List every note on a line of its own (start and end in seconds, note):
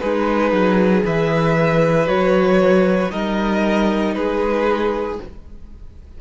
0.00 0.52 G#3
0.00 1.05 D#4
0.00 2.06 G#4
0.00 1.03 B4
0.52 1.04 F#3
1.05 2.08 E3
1.05 3.12 B4
1.05 2.08 E5
2.06 3.11 F#3
2.06 3.09 F#4
2.06 3.11 C#5
3.10 4.16 G3
3.10 5.17 D#4
3.10 4.15 A#4
3.10 4.14 D#5
4.15 5.19 G#3
4.15 5.21 G#4
4.15 5.18 B4